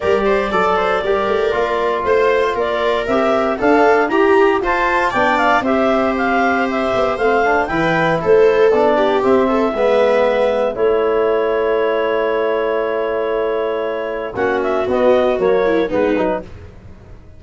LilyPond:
<<
  \new Staff \with { instrumentName = "clarinet" } { \time 4/4 \tempo 4 = 117 d''1 | c''4 d''4 e''4 f''4 | ais''4 a''4 g''8 f''8 e''4 | f''4 e''4 f''4 g''4 |
c''4 d''4 e''2~ | e''4 cis''2.~ | cis''1 | fis''8 e''8 dis''4 cis''4 b'4 | }
  \new Staff \with { instrumentName = "viola" } { \time 4/4 ais'8 c''8 d''8 c''8 ais'2 | c''4 ais'2 a'4 | g'4 c''4 d''4 c''4~ | c''2. b'4 |
a'4. g'4 a'8 b'4~ | b'4 a'2.~ | a'1 | fis'2~ fis'8 e'8 dis'4 | }
  \new Staff \with { instrumentName = "trombone" } { \time 4/4 g'4 a'4 g'4 f'4~ | f'2 g'4 d'4 | g'4 f'4 d'4 g'4~ | g'2 c'8 d'8 e'4~ |
e'4 d'4 c'4 b4~ | b4 e'2.~ | e'1 | cis'4 b4 ais4 b8 dis'8 | }
  \new Staff \with { instrumentName = "tuba" } { \time 4/4 g4 fis4 g8 a8 ais4 | a4 ais4 c'4 d'4 | e'4 f'4 b4 c'4~ | c'4. b8 a4 e4 |
a4 b4 c'4 gis4~ | gis4 a2.~ | a1 | ais4 b4 fis4 gis8 fis8 | }
>>